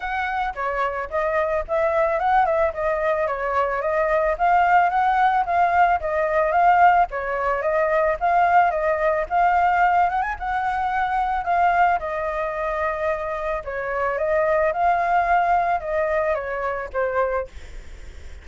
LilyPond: \new Staff \with { instrumentName = "flute" } { \time 4/4 \tempo 4 = 110 fis''4 cis''4 dis''4 e''4 | fis''8 e''8 dis''4 cis''4 dis''4 | f''4 fis''4 f''4 dis''4 | f''4 cis''4 dis''4 f''4 |
dis''4 f''4. fis''16 gis''16 fis''4~ | fis''4 f''4 dis''2~ | dis''4 cis''4 dis''4 f''4~ | f''4 dis''4 cis''4 c''4 | }